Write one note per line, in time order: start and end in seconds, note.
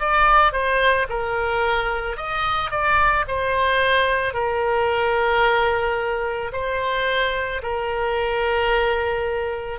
0.00 0.53 D5
0.53 1.08 C5
1.10 2.17 A#4
2.17 2.71 D#5
2.71 3.26 D5
3.28 4.34 C5
4.34 6.52 A#4
6.53 7.62 C5
7.63 9.80 A#4